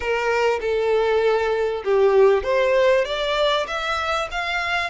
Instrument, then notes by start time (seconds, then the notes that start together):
violin
0.00 A#4
0.60 A4
1.84 G4
2.43 C5
3.04 D5
3.67 E5
4.31 F5